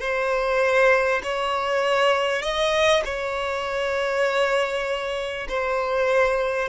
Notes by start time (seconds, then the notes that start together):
0.00 C5
1.23 C#5
2.42 D#5
3.04 C#5
5.48 C5